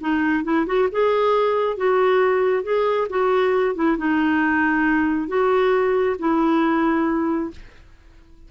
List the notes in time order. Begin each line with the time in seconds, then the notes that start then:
0.00 D#4
0.44 E4
0.66 F#4
0.91 G#4
1.76 F#4
2.63 G#4
3.09 F#4
3.75 E4
3.97 D#4
5.28 F#4
6.18 E4